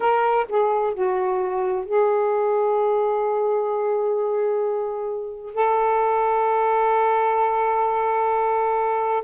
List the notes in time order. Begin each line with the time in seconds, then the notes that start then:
0.00 A#4
0.48 G#4
0.94 F#4
1.85 G#4
5.54 A4